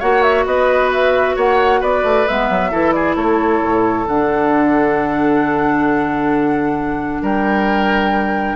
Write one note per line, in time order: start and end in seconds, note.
0.00 0.46 A#3
0.00 2.27 F#4
0.00 0.45 C#5
0.00 0.23 F#5
0.23 0.46 E5
0.46 1.36 B3
0.46 1.36 B4
0.46 0.91 D#5
0.92 1.37 E5
1.36 1.82 A#3
1.36 1.81 C#5
1.36 1.83 F#5
1.81 2.04 B3
1.81 2.71 B4
1.81 2.28 D5
2.04 2.27 A3
2.28 2.50 G#3
2.28 2.71 B3
2.28 2.93 E5
2.50 2.72 F#3
2.71 3.16 E3
2.71 4.07 E4
2.71 2.94 A4
2.93 3.17 G#4
2.93 3.15 D5
3.16 3.61 A3
3.16 7.22 A4
3.16 4.07 C#5
3.63 4.07 A2
4.07 7.23 D3
4.07 8.56 D4
4.07 7.23 F#5
7.22 8.56 G3
7.22 8.56 A#4
7.22 8.56 G5